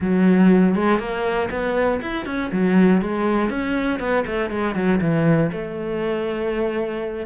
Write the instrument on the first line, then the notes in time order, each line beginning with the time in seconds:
cello
0.00 F#3
0.75 G#3
0.99 A#3
1.50 B3
2.01 E4
2.25 C#4
2.52 F#3
3.01 G#3
3.50 C#4
3.99 B3
4.26 A3
4.50 G#3
4.75 F#3
5.00 E3
5.51 A3